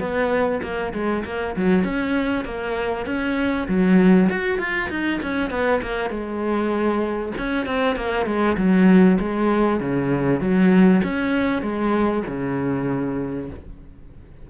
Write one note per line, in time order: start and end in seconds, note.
0.00 0.61 B3
0.63 0.93 A#3
0.94 1.24 G#3
1.25 1.56 A#3
1.56 1.85 F#3
1.85 2.45 C#4
2.45 3.06 A#3
3.06 3.68 C#4
3.68 4.30 F#3
4.30 4.59 F#4
4.59 4.90 F4
4.90 5.20 D#4
5.23 5.51 C#4
5.51 5.81 B3
5.83 6.10 A#3
6.10 7.33 G#3
7.38 7.66 C#4
7.66 7.97 C4
7.97 8.26 A#3
8.26 8.57 G#3
8.57 9.19 F#3
9.20 9.80 G#3
9.80 10.41 C#3
10.41 11.02 F#3
11.04 11.63 C#4
11.63 12.24 G#3
12.28 13.50 C#3